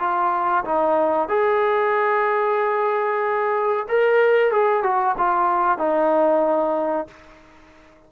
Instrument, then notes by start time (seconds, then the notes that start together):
trombone
0.00 F4
0.65 D#4
1.29 G#4
3.89 A#4
4.52 G#4
4.83 F#4
5.18 F4
5.79 D#4